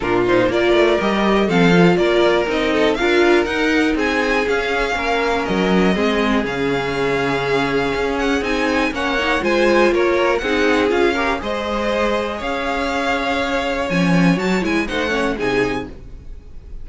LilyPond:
<<
  \new Staff \with { instrumentName = "violin" } { \time 4/4 \tempo 4 = 121 ais'8 c''8 d''4 dis''4 f''4 | d''4 dis''4 f''4 fis''4 | gis''4 f''2 dis''4~ | dis''4 f''2.~ |
f''8 fis''8 gis''4 fis''4 gis''4 | cis''4 fis''4 f''4 dis''4~ | dis''4 f''2. | gis''4 a''8 gis''8 fis''4 gis''4 | }
  \new Staff \with { instrumentName = "violin" } { \time 4/4 f'4 ais'2 a'4 | ais'4. a'8 ais'2 | gis'2 ais'2 | gis'1~ |
gis'2 cis''4 c''4 | ais'4 gis'4. ais'8 c''4~ | c''4 cis''2.~ | cis''2 c''8 cis''8 gis'4 | }
  \new Staff \with { instrumentName = "viola" } { \time 4/4 d'8 dis'8 f'4 g'4 c'8 f'8~ | f'4 dis'4 f'4 dis'4~ | dis'4 cis'2. | c'4 cis'2.~ |
cis'4 dis'4 cis'8 dis'8 f'4~ | f'4 dis'4 f'8 g'8 gis'4~ | gis'1 | cis'4 fis'8 e'8 dis'8 cis'8 dis'4 | }
  \new Staff \with { instrumentName = "cello" } { \time 4/4 ais,4 ais8 a8 g4 f4 | ais4 c'4 d'4 dis'4 | c'4 cis'4 ais4 fis4 | gis4 cis2. |
cis'4 c'4 ais4 gis4 | ais4 c'4 cis'4 gis4~ | gis4 cis'2. | f4 fis8 gis8 a4 c4 | }
>>